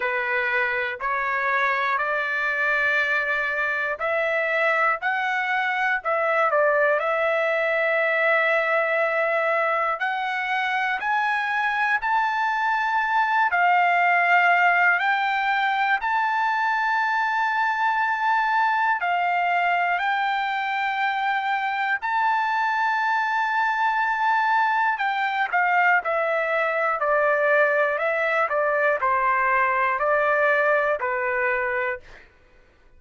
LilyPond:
\new Staff \with { instrumentName = "trumpet" } { \time 4/4 \tempo 4 = 60 b'4 cis''4 d''2 | e''4 fis''4 e''8 d''8 e''4~ | e''2 fis''4 gis''4 | a''4. f''4. g''4 |
a''2. f''4 | g''2 a''2~ | a''4 g''8 f''8 e''4 d''4 | e''8 d''8 c''4 d''4 b'4 | }